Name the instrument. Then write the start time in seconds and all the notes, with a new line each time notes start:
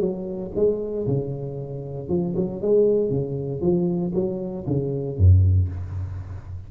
tuba
0.00 F#3
0.56 G#3
1.07 C#3
2.09 F3
2.36 F#3
2.62 G#3
3.10 C#3
3.61 F3
4.14 F#3
4.67 C#3
5.17 F#2